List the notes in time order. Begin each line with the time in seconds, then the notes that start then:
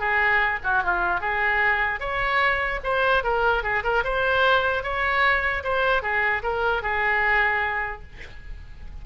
0.00 G#4
0.64 F#4
0.84 F4
1.21 G#4
2.00 C#5
2.84 C5
3.24 A#4
3.64 G#4
3.84 A#4
4.05 C5
4.84 C#5
5.64 C5
6.03 G#4
6.43 A#4
6.83 G#4